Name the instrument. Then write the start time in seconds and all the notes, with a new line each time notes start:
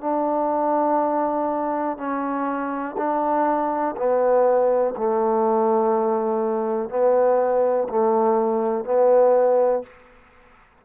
trombone
0.00 D4
1.97 C#4
2.97 D4
3.96 B3
4.97 A3
6.89 B3
7.89 A3
8.84 B3